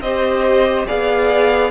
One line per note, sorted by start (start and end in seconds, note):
0.00 0.85 C4
0.00 0.87 G4
0.00 0.87 C5
0.00 0.86 D#5
0.87 1.71 B3
0.87 1.71 G#4
0.87 1.71 D5
0.87 1.71 F5